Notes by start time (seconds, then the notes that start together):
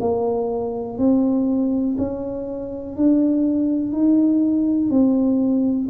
0.00 A#3
0.98 C4
1.99 C#4
2.96 D4
3.93 D#4
4.90 C4